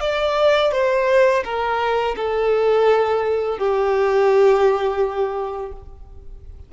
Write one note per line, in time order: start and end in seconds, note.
0.00 0.71 D5
0.72 1.43 C5
1.44 2.16 A#4
2.16 3.58 A4
3.58 5.72 G4